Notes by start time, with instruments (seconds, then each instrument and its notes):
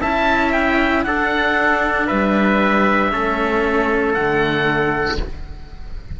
0.00 cello C#4 E4, trumpet E5, oboe A5
0.52 oboe G5
1.04 cello D4, trumpet A4, oboe F#5
2.06 cello G3, trumpet B4, oboe E5
3.11 cello A3 C#4, trumpet A4
4.13 cello D3 A3, oboe F#5